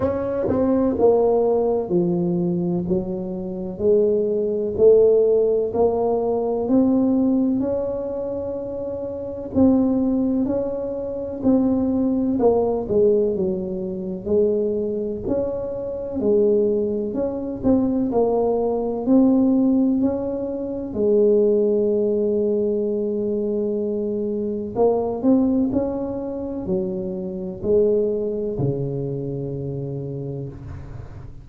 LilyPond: \new Staff \with { instrumentName = "tuba" } { \time 4/4 \tempo 4 = 63 cis'8 c'8 ais4 f4 fis4 | gis4 a4 ais4 c'4 | cis'2 c'4 cis'4 | c'4 ais8 gis8 fis4 gis4 |
cis'4 gis4 cis'8 c'8 ais4 | c'4 cis'4 gis2~ | gis2 ais8 c'8 cis'4 | fis4 gis4 cis2 | }